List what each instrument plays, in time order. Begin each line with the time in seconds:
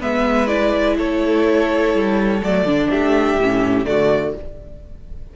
0.00 cello G#3, viola B3, violin B4 E5
0.47 viola E4, violin D5
0.97 cello A3, violin A4 C#5
1.94 cello G3
2.42 cello F#3, viola A3, violin D5
2.64 cello D3, viola D4
2.89 cello A3, violin G4 E5
3.37 cello A2, viola C#4
3.85 cello D3, viola A3, violin F#4 D5